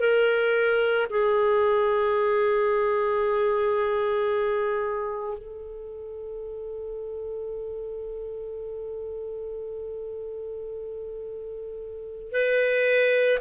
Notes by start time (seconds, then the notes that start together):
0.00 A#4
1.10 G#4
5.38 A4
12.32 B4